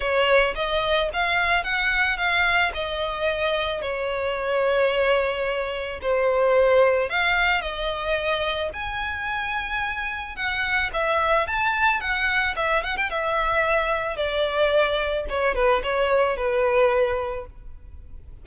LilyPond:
\new Staff \with { instrumentName = "violin" } { \time 4/4 \tempo 4 = 110 cis''4 dis''4 f''4 fis''4 | f''4 dis''2 cis''4~ | cis''2. c''4~ | c''4 f''4 dis''2 |
gis''2. fis''4 | e''4 a''4 fis''4 e''8 fis''16 g''16 | e''2 d''2 | cis''8 b'8 cis''4 b'2 | }